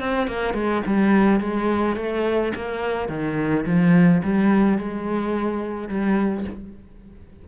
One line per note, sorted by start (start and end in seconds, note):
0.00 0.28 C4
0.28 0.54 A#3
0.54 0.82 G#3
0.86 1.40 G3
1.40 1.97 G#3
1.97 2.53 A3
2.56 3.09 A#3
3.09 3.65 D#3
3.66 4.22 F3
4.24 4.78 G3
4.78 5.89 G#3
5.89 6.45 G3